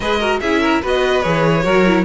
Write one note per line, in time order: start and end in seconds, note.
0.00 0.40 G#3
0.00 0.20 G#4
0.00 0.19 B4
0.00 0.39 D#5
0.19 0.41 F#4
0.19 0.40 A#4
0.40 0.82 C#4
0.40 0.83 E4
0.40 0.61 G#4
0.40 0.81 E5
0.61 0.81 A#4
0.81 1.24 B3
0.81 1.23 F#4
0.81 1.63 B4
0.81 1.22 D#5
1.22 1.65 E3
1.22 1.63 G#4
1.22 2.04 C#5
1.63 2.04 F#3
1.63 1.83 F#4
1.63 2.04 A#4
1.86 2.04 E4